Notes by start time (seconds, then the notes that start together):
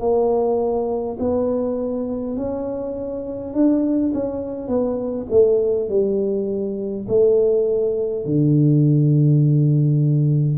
0.00 A#3
1.19 B3
2.36 C#4
3.54 D4
4.14 C#4
4.68 B3
5.30 A3
5.89 G3
7.09 A3
8.25 D3